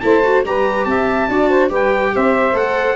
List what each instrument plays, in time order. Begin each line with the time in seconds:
0.00 tuba A3, viola E4, saxophone C5, trumpet A5
0.23 viola F#4
0.45 tuba G3, viola G4, saxophone B4, trumpet A#5
0.85 tuba C4, saxophone E5, trumpet A5
1.28 tuba D4, viola F#4, saxophone D5
1.48 saxophone C5
1.69 tuba G3, viola G4, saxophone B4, trumpet G5
2.15 tuba C4, saxophone C5, trumpet E5
2.53 tuba A3, viola A4, trumpet F#5